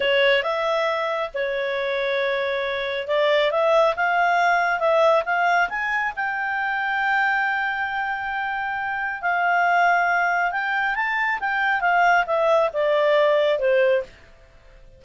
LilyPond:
\new Staff \with { instrumentName = "clarinet" } { \time 4/4 \tempo 4 = 137 cis''4 e''2 cis''4~ | cis''2. d''4 | e''4 f''2 e''4 | f''4 gis''4 g''2~ |
g''1~ | g''4 f''2. | g''4 a''4 g''4 f''4 | e''4 d''2 c''4 | }